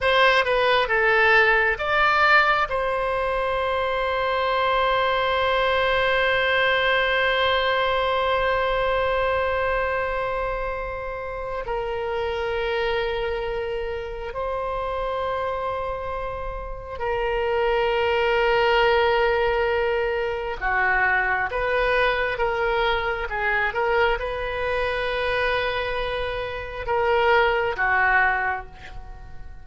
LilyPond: \new Staff \with { instrumentName = "oboe" } { \time 4/4 \tempo 4 = 67 c''8 b'8 a'4 d''4 c''4~ | c''1~ | c''1~ | c''4 ais'2. |
c''2. ais'4~ | ais'2. fis'4 | b'4 ais'4 gis'8 ais'8 b'4~ | b'2 ais'4 fis'4 | }